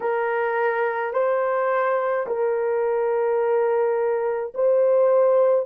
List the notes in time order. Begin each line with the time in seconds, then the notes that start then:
0.00 A#4
1.13 C5
2.26 A#4
4.54 C5